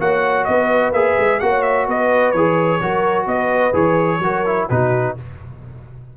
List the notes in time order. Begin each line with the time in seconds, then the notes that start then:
0.00 A#3 F#4 C#5 F#5
0.45 B3 B4 D#5
0.92 A#3 G#4 E5
1.18 G#3
1.40 A#3 F#4 C#5 F#5
1.63 E5
1.87 B3 B4 D#5
2.32 E3 G#4 C#5
2.81 F#3 F#4 A#4
3.26 B3 B4 D#5
3.73 E3 G#4 C#5
4.19 F#3 F#4 A#4
4.46 E4
4.70 B2 D#4 F#4 B4